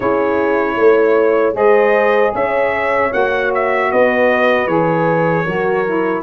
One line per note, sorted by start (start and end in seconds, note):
0.00 0.76 C#4
0.00 1.53 E4
0.00 0.75 G#4
0.00 1.53 C#5
0.76 1.54 A3
0.76 1.55 C#5
1.53 2.32 G#3
1.53 3.09 G#4
1.53 2.33 C5
1.53 2.34 D#5
2.34 3.12 C#4
2.34 3.90 C#5
2.34 3.12 E5
3.11 3.91 A#3
3.11 4.67 F#4
3.11 3.51 F#5
3.54 3.91 E5
3.90 4.67 B3
3.90 5.44 B4
3.90 4.67 D#5
4.67 5.45 E3
4.67 5.45 G#4
4.67 6.23 C#5
5.44 6.23 F#3
5.44 5.84 F#4
5.44 6.22 A#4
5.85 6.23 E4